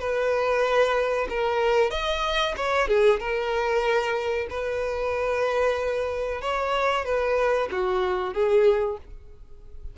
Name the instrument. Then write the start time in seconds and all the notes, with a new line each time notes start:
violin
0.00 B4
1.30 A#4
1.91 D#5
2.57 C#5
2.88 G#4
3.20 A#4
4.50 B4
6.41 C#5
7.05 B4
7.72 F#4
8.34 G#4